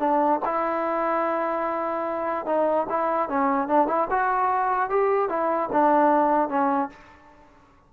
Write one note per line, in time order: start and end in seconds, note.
0.00 0.41 D4
0.46 2.47 E4
2.47 2.87 D#4
2.90 3.29 E4
3.29 3.68 C#4
3.68 3.88 D4
3.88 4.08 E4
4.11 4.91 F#4
4.91 5.30 G4
5.30 5.70 E4
5.73 6.50 D4
6.50 6.90 C#4